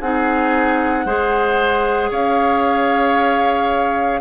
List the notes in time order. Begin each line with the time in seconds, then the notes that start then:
0.00 C4 D#4 G#4 F#5
1.05 G#3 G#4 C5
2.10 C#4 C#5 F5